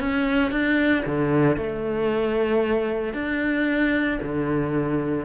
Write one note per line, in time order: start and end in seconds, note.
0.00 0.51 C#4
0.51 1.04 D4
1.06 1.57 D3
1.57 3.14 A3
3.14 4.19 D4
4.22 5.25 D3